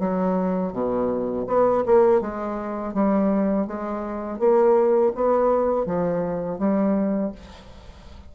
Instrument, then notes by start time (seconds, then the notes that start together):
bassoon
0.00 F#3
0.73 B2
1.48 B3
1.86 A#3
2.22 G#3
2.94 G3
3.68 G#3
4.39 A#3
5.16 B3
5.86 F3
6.59 G3